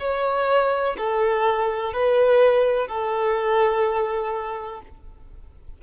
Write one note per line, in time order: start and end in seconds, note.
0.00 0.97 C#5
0.98 1.94 A4
1.94 2.88 B4
2.88 4.82 A4